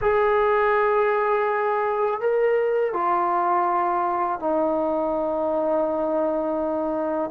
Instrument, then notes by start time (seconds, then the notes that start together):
trombone
0.01 G#4
2.20 A#4
2.93 F4
4.39 D#4